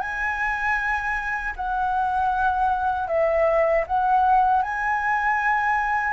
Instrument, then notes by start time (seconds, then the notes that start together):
flute
0.00 G#5
1.56 F#5
3.08 E5
3.87 F#5
4.63 G#5